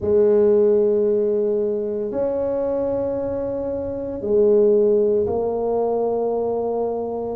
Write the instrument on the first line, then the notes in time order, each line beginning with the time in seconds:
tuba
0.00 G#3
2.11 C#4
4.21 G#3
5.26 A#3